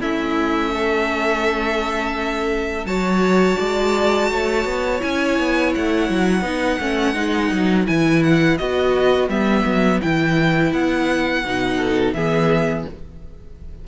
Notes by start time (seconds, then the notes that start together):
0.00 A3 C#4 E4 E5
0.74 A4
2.84 F#3 F#4 C#5 A5
3.58 G#3 D5
4.30 A3 C#5
4.64 B3
5.00 C#4 E4 G#5
5.39 B3
5.74 A3 F#5
6.09 F#3
6.41 B3 D#4 B4
6.79 A3 C#4
7.13 G#3 D#4
7.51 F#3
7.85 E3 E4 G#5
8.23 F#5
8.57 B3 F#4 D#5
9.28 G3 B3 E5
9.65 F#3
10.01 E3 E4 G5
10.72 B3 F#5
11.45 B2 D#4
11.77 A4
12.13 E3 B3 G#4 E5